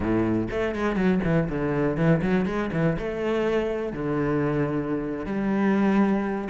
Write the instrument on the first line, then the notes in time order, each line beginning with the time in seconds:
cello
0.00 A2
0.51 A3
0.75 G#3
0.95 F#3
1.24 E3
1.48 D3
1.96 E3
2.22 F#3
2.45 G#3
2.72 E3
2.98 A3
3.93 D3
5.25 G3